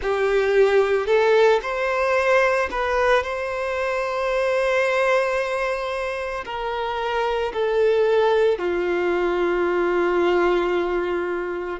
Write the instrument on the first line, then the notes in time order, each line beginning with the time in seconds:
violin
0.01 G4
1.06 A4
1.62 C5
2.71 B4
3.23 C5
6.45 A#4
7.53 A4
8.58 F4